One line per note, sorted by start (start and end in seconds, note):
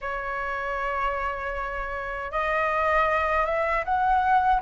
0.01 2.31 C#5
2.31 3.45 D#5
3.45 3.84 E5
3.85 4.62 F#5